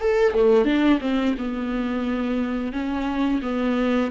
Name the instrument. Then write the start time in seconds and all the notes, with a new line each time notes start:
viola
0.00 A4
0.34 A3
0.65 D4
1.01 C4
1.38 B3
2.72 C#4
3.42 B3